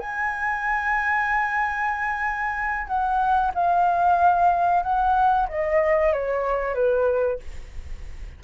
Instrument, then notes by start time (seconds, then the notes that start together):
flute
0.00 G#5
2.88 F#5
3.55 F5
4.83 F#5
5.49 D#5
6.13 C#5
6.75 B4